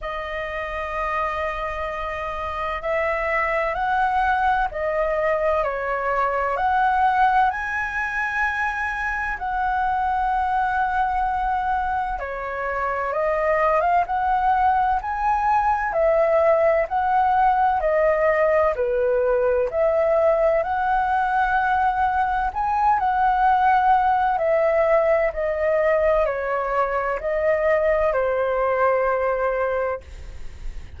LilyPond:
\new Staff \with { instrumentName = "flute" } { \time 4/4 \tempo 4 = 64 dis''2. e''4 | fis''4 dis''4 cis''4 fis''4 | gis''2 fis''2~ | fis''4 cis''4 dis''8. f''16 fis''4 |
gis''4 e''4 fis''4 dis''4 | b'4 e''4 fis''2 | gis''8 fis''4. e''4 dis''4 | cis''4 dis''4 c''2 | }